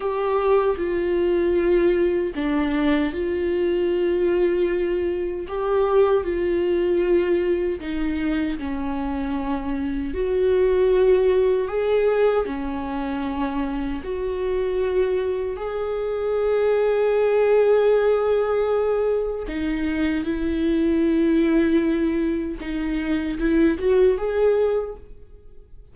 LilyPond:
\new Staff \with { instrumentName = "viola" } { \time 4/4 \tempo 4 = 77 g'4 f'2 d'4 | f'2. g'4 | f'2 dis'4 cis'4~ | cis'4 fis'2 gis'4 |
cis'2 fis'2 | gis'1~ | gis'4 dis'4 e'2~ | e'4 dis'4 e'8 fis'8 gis'4 | }